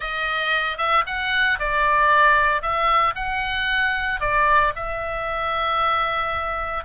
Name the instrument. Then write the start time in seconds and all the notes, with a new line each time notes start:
oboe
0.00 D#5
0.77 E5
1.06 F#5
1.59 D5
2.61 E5
3.15 F#5
4.20 D5
4.75 E5